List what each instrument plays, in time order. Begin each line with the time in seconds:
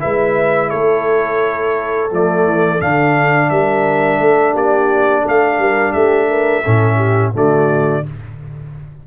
0.00 tuba G#3, trombone E4, horn B4, trumpet E5
0.70 tuba A3, horn A4, trumpet C#5
2.12 tuba F3, trombone A3, trumpet D5
2.46 tuba E3
2.81 tuba D3, trombone D4, trumpet F5
3.50 tuba G3, horn A#4, trumpet E5
4.20 tuba A3, horn A4
4.53 tuba A#3, horn G4, trumpet D5
5.22 tuba A3, horn A4
5.29 trumpet F5
5.59 tuba G3, horn A#4
5.93 tuba A3, horn G4, trumpet E5
6.29 horn A#4
6.64 tuba A2, trombone C#4, horn A4
6.97 horn G4
7.34 tuba D3, trombone A3, horn F#4, trumpet D5